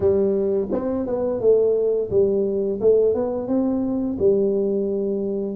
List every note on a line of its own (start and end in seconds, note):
0.00 0.68 G3
0.71 1.06 C4
1.06 1.40 B3
1.40 2.10 A3
2.10 2.80 G3
2.80 3.14 A3
3.14 3.47 B3
3.47 4.17 C4
4.18 5.56 G3